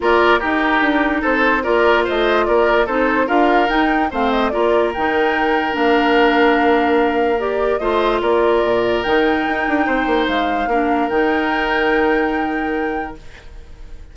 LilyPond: <<
  \new Staff \with { instrumentName = "flute" } { \time 4/4 \tempo 4 = 146 d''4 ais'2 c''4 | d''4 dis''4 d''4 c''4 | f''4 g''4 f''8 dis''8 d''4 | g''2 f''2~ |
f''2 d''4 dis''4 | d''2 g''2~ | g''4 f''2 g''4~ | g''1 | }
  \new Staff \with { instrumentName = "oboe" } { \time 4/4 ais'4 g'2 a'4 | ais'4 c''4 ais'4 a'4 | ais'2 c''4 ais'4~ | ais'1~ |
ais'2. c''4 | ais'1 | c''2 ais'2~ | ais'1 | }
  \new Staff \with { instrumentName = "clarinet" } { \time 4/4 f'4 dis'2. | f'2. dis'4 | f'4 dis'4 c'4 f'4 | dis'2 d'2~ |
d'2 g'4 f'4~ | f'2 dis'2~ | dis'2 d'4 dis'4~ | dis'1 | }
  \new Staff \with { instrumentName = "bassoon" } { \time 4/4 ais4 dis'4 d'4 c'4 | ais4 a4 ais4 c'4 | d'4 dis'4 a4 ais4 | dis2 ais2~ |
ais2. a4 | ais4 ais,4 dis4 dis'8 d'8 | c'8 ais8 gis4 ais4 dis4~ | dis1 | }
>>